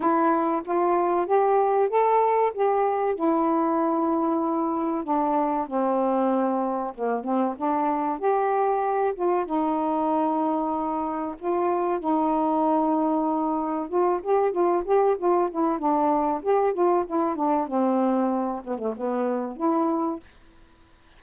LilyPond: \new Staff \with { instrumentName = "saxophone" } { \time 4/4 \tempo 4 = 95 e'4 f'4 g'4 a'4 | g'4 e'2. | d'4 c'2 ais8 c'8 | d'4 g'4. f'8 dis'4~ |
dis'2 f'4 dis'4~ | dis'2 f'8 g'8 f'8 g'8 | f'8 e'8 d'4 g'8 f'8 e'8 d'8 | c'4. b16 a16 b4 e'4 | }